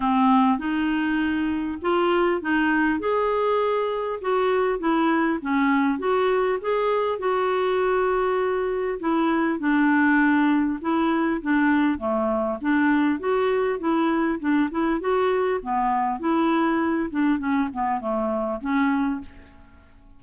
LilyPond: \new Staff \with { instrumentName = "clarinet" } { \time 4/4 \tempo 4 = 100 c'4 dis'2 f'4 | dis'4 gis'2 fis'4 | e'4 cis'4 fis'4 gis'4 | fis'2. e'4 |
d'2 e'4 d'4 | a4 d'4 fis'4 e'4 | d'8 e'8 fis'4 b4 e'4~ | e'8 d'8 cis'8 b8 a4 cis'4 | }